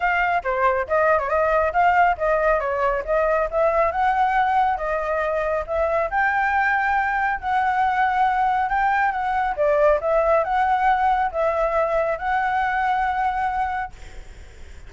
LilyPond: \new Staff \with { instrumentName = "flute" } { \time 4/4 \tempo 4 = 138 f''4 c''4 dis''8. cis''16 dis''4 | f''4 dis''4 cis''4 dis''4 | e''4 fis''2 dis''4~ | dis''4 e''4 g''2~ |
g''4 fis''2. | g''4 fis''4 d''4 e''4 | fis''2 e''2 | fis''1 | }